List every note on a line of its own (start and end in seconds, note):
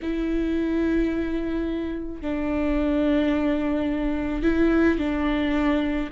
0.02 2.21 E4
2.21 4.42 D4
4.42 4.98 E4
4.98 6.09 D4